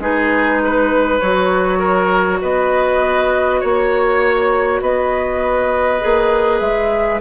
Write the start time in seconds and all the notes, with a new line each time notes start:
0.00 G#3 D#4 G#4 B4
0.65 B4
1.20 F#3 F#4 C#5
1.79 A#4
2.42 B3 B4 D#5
3.60 A#3 C#5
4.82 B3 B4 D#5
6.01 A#3 G#4
6.60 G#3 E5